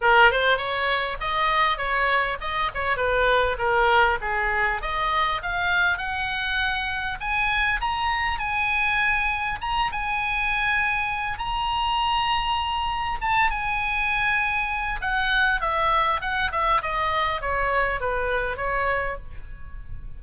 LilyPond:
\new Staff \with { instrumentName = "oboe" } { \time 4/4 \tempo 4 = 100 ais'8 c''8 cis''4 dis''4 cis''4 | dis''8 cis''8 b'4 ais'4 gis'4 | dis''4 f''4 fis''2 | gis''4 ais''4 gis''2 |
ais''8 gis''2~ gis''8 ais''4~ | ais''2 a''8 gis''4.~ | gis''4 fis''4 e''4 fis''8 e''8 | dis''4 cis''4 b'4 cis''4 | }